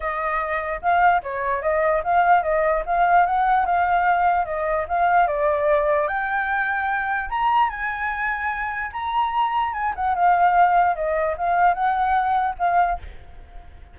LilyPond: \new Staff \with { instrumentName = "flute" } { \time 4/4 \tempo 4 = 148 dis''2 f''4 cis''4 | dis''4 f''4 dis''4 f''4 | fis''4 f''2 dis''4 | f''4 d''2 g''4~ |
g''2 ais''4 gis''4~ | gis''2 ais''2 | gis''8 fis''8 f''2 dis''4 | f''4 fis''2 f''4 | }